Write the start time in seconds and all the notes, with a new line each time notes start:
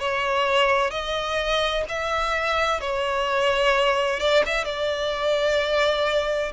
0.00 C#5
0.91 D#5
1.89 E5
2.81 C#5
4.20 D5
4.46 E5
4.65 D5